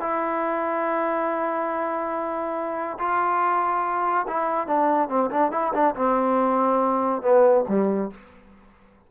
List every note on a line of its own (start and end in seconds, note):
0.00 2.98 E4
2.98 4.26 F4
4.27 4.67 E4
4.67 5.09 D4
5.09 5.30 C4
5.30 5.51 D4
5.51 5.73 E4
5.73 5.95 D4
5.95 7.22 C4
7.22 7.64 B3
7.68 8.11 G3